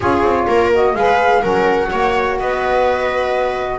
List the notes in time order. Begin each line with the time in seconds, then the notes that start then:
0.00 C#4 F4 G#4 C#5
0.22 C4
0.47 A#3 A#4
0.72 F#4 D#5
0.94 G#3 G#4 B4 F5
1.41 F#3 C#4 A#4 F#5
1.88 A#3 F#4 C#5
2.38 B3 B4 D#5